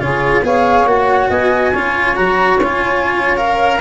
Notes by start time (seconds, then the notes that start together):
0.00 C#3 F4 G#4 C#5
0.42 B3 G#4 C#5 F5
0.86 A#3 F#4 F#5
1.29 B3 D#5 G#5
1.72 C#4 F4 C#5
2.16 F#3 F#4 A#5
2.59 C#4 F4 G#5
3.36 A#4 F5